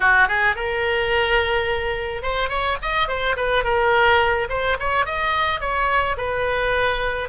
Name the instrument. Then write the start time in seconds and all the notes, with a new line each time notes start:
oboe
0.00 F#4
0.28 G#4
0.55 A#4
2.22 C5
2.49 C#5
2.82 D#5
3.08 C5
3.36 B4
3.63 A#4
4.49 C5
4.79 C#5
5.05 D#5
5.60 C#5
6.17 B4